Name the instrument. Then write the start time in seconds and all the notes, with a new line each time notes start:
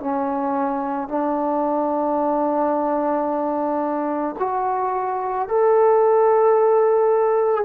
trombone
0.00 C#4
1.08 D4
4.39 F#4
5.48 A4